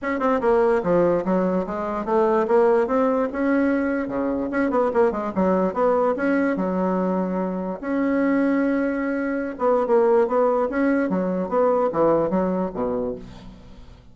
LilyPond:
\new Staff \with { instrumentName = "bassoon" } { \time 4/4 \tempo 4 = 146 cis'8 c'8 ais4 f4 fis4 | gis4 a4 ais4 c'4 | cis'2 cis4 cis'8 b8 | ais8 gis8 fis4 b4 cis'4 |
fis2. cis'4~ | cis'2.~ cis'16 b8. | ais4 b4 cis'4 fis4 | b4 e4 fis4 b,4 | }